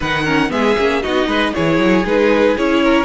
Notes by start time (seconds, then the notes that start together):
0.00 D#3 D#4 B4 F#5
0.24 C#4 A#4
0.49 G#3 B3 G#4 E5
0.77 A#3 C#4
1.02 B3 D#4 F#4 D#5
1.27 G#3 B4
1.54 E3 E4 G#4 C#5
1.78 F#3
2.05 G#3 D#4 B4
2.57 C#4 E4 C#5
2.83 A#4